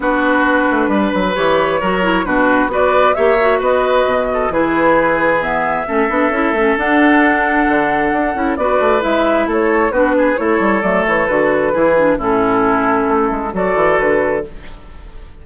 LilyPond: <<
  \new Staff \with { instrumentName = "flute" } { \time 4/4 \tempo 4 = 133 b'2. cis''4~ | cis''4 b'4 d''4 e''4 | dis''2 b'2 | e''2. fis''4~ |
fis''2. d''4 | e''4 cis''4 b'4 cis''4 | d''8 cis''8 b'2 a'4~ | a'2 d''4 b'4 | }
  \new Staff \with { instrumentName = "oboe" } { \time 4/4 fis'2 b'2 | ais'4 fis'4 b'4 cis''4 | b'4. a'8 gis'2~ | gis'4 a'2.~ |
a'2. b'4~ | b'4 a'4 fis'8 gis'8 a'4~ | a'2 gis'4 e'4~ | e'2 a'2 | }
  \new Staff \with { instrumentName = "clarinet" } { \time 4/4 d'2. g'4 | fis'8 e'8 d'4 fis'4 g'8 fis'8~ | fis'2 e'2 | b4 cis'8 d'8 e'8 cis'8 d'4~ |
d'2~ d'8 e'8 fis'4 | e'2 d'4 e'4 | a4 fis'4 e'8 d'8 cis'4~ | cis'2 fis'2 | }
  \new Staff \with { instrumentName = "bassoon" } { \time 4/4 b4. a8 g8 fis8 e4 | fis4 b,4 b4 ais4 | b4 b,4 e2~ | e4 a8 b8 cis'8 a8 d'4~ |
d'4 d4 d'8 cis'8 b8 a8 | gis4 a4 b4 a8 g8 | fis8 e8 d4 e4 a,4~ | a,4 a8 gis8 fis8 e8 d4 | }
>>